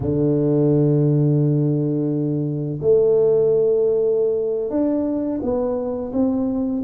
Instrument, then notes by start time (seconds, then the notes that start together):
tuba
0.00 D3
2.81 A3
4.70 D4
5.42 B3
6.12 C4